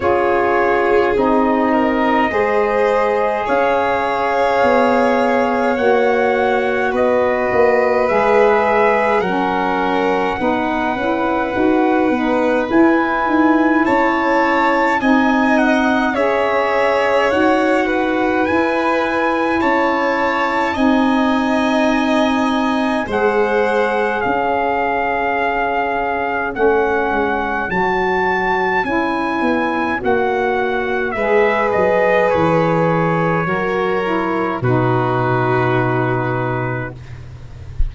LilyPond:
<<
  \new Staff \with { instrumentName = "trumpet" } { \time 4/4 \tempo 4 = 52 cis''4 dis''2 f''4~ | f''4 fis''4 dis''4 e''4 | fis''2. gis''4 | a''4 gis''8 fis''8 e''4 fis''4 |
gis''4 a''4 gis''2 | fis''4 f''2 fis''4 | a''4 gis''4 fis''4 e''8 dis''8 | cis''2 b'2 | }
  \new Staff \with { instrumentName = "violin" } { \time 4/4 gis'4. ais'8 c''4 cis''4~ | cis''2 b'2 | ais'4 b'2. | cis''4 dis''4 cis''4. b'8~ |
b'4 cis''4 dis''2 | c''4 cis''2.~ | cis''2. b'4~ | b'4 ais'4 fis'2 | }
  \new Staff \with { instrumentName = "saxophone" } { \time 4/4 f'4 dis'4 gis'2~ | gis'4 fis'2 gis'4 | cis'4 dis'8 e'8 fis'8 dis'8 e'4~ | e'4 dis'4 gis'4 fis'4 |
e'2 dis'2 | gis'2. cis'4 | fis'4 e'4 fis'4 gis'4~ | gis'4 fis'8 e'8 dis'2 | }
  \new Staff \with { instrumentName = "tuba" } { \time 4/4 cis'4 c'4 gis4 cis'4 | b4 ais4 b8 ais8 gis4 | fis4 b8 cis'8 dis'8 b8 e'8 dis'8 | cis'4 c'4 cis'4 dis'4 |
e'4 cis'4 c'2 | gis4 cis'2 a8 gis8 | fis4 cis'8 b8 ais4 gis8 fis8 | e4 fis4 b,2 | }
>>